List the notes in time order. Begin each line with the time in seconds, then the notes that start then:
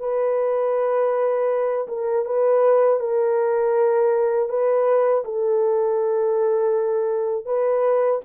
0.00 B4
1.88 A#4
2.26 B4
3.00 A#4
4.49 B4
5.25 A4
7.46 B4